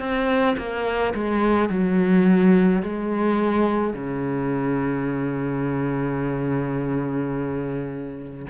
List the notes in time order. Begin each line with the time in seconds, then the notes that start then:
0.00 C4
0.58 A#3
1.15 G#3
1.70 F#3
2.83 G#3
3.94 C#3